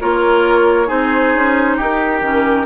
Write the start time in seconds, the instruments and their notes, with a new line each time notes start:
0.00 bassoon A#3, clarinet F4, oboe A#4, flute C#5
0.86 bassoon C4, clarinet D#4, oboe G#4, flute C5
1.34 bassoon C#4
1.77 bassoon D#4, oboe G4, flute A#4
2.21 bassoon D#3, clarinet C#4